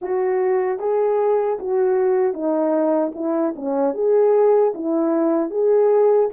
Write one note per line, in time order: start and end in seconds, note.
0.01 0.79 F#4
0.79 1.58 G#4
1.59 2.33 F#4
2.33 3.12 D#4
3.14 3.54 E4
3.55 3.94 C#4
3.94 4.73 G#4
4.74 5.50 E4
5.50 6.29 G#4